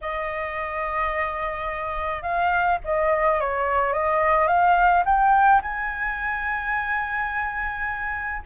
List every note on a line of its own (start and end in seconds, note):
0.01 2.22 D#5
2.22 2.78 F5
2.84 3.40 D#5
3.40 3.93 C#5
3.93 4.47 D#5
4.47 5.03 F5
5.05 5.61 G5
5.62 8.42 G#5